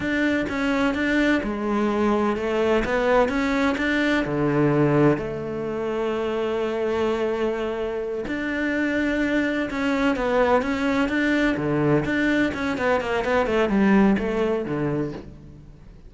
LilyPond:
\new Staff \with { instrumentName = "cello" } { \time 4/4 \tempo 4 = 127 d'4 cis'4 d'4 gis4~ | gis4 a4 b4 cis'4 | d'4 d2 a4~ | a1~ |
a4. d'2~ d'8~ | d'8 cis'4 b4 cis'4 d'8~ | d'8 d4 d'4 cis'8 b8 ais8 | b8 a8 g4 a4 d4 | }